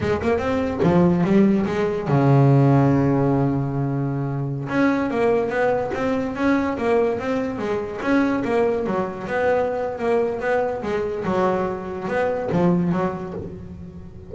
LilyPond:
\new Staff \with { instrumentName = "double bass" } { \time 4/4 \tempo 4 = 144 gis8 ais8 c'4 f4 g4 | gis4 cis2.~ | cis2.~ cis16 cis'8.~ | cis'16 ais4 b4 c'4 cis'8.~ |
cis'16 ais4 c'4 gis4 cis'8.~ | cis'16 ais4 fis4 b4.~ b16 | ais4 b4 gis4 fis4~ | fis4 b4 f4 fis4 | }